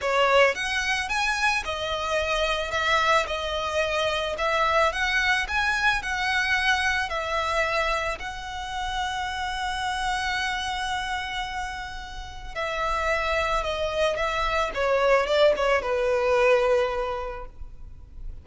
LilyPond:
\new Staff \with { instrumentName = "violin" } { \time 4/4 \tempo 4 = 110 cis''4 fis''4 gis''4 dis''4~ | dis''4 e''4 dis''2 | e''4 fis''4 gis''4 fis''4~ | fis''4 e''2 fis''4~ |
fis''1~ | fis''2. e''4~ | e''4 dis''4 e''4 cis''4 | d''8 cis''8 b'2. | }